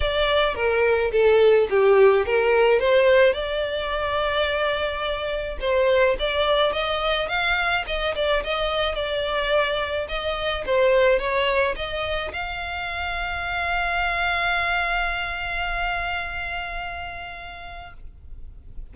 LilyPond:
\new Staff \with { instrumentName = "violin" } { \time 4/4 \tempo 4 = 107 d''4 ais'4 a'4 g'4 | ais'4 c''4 d''2~ | d''2 c''4 d''4 | dis''4 f''4 dis''8 d''8 dis''4 |
d''2 dis''4 c''4 | cis''4 dis''4 f''2~ | f''1~ | f''1 | }